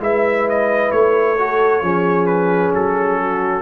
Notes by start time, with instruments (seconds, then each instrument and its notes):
0.00 tuba G#3, trombone E4, horn B4, trumpet E5
0.49 trumpet D#5
0.92 tuba A3, trumpet C#5
1.39 trombone F#4, horn A4
1.82 tuba F3, trombone C#4, horn G#4
2.27 trumpet B4
2.75 tuba F#3, trumpet A4
3.20 horn F#4